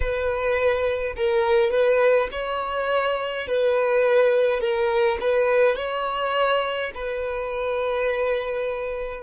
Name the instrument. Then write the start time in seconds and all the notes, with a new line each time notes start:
violin
0.00 B4
1.16 A#4
1.70 B4
2.31 C#5
3.47 B4
4.60 A#4
5.20 B4
5.76 C#5
6.94 B4